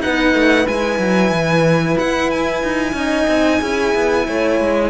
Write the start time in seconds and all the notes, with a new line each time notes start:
0.00 B3 D#4 B4 F#5
0.34 A3
0.67 G#3 E4 G#5
0.99 F#3
1.31 E3
1.98 E4 F#5
2.30 G#5
2.63 D#4
2.93 C#4 D#4 D#5
3.27 C4
3.60 C#4 E4 G#4
3.95 B3
4.26 A3 C#5
4.60 G#3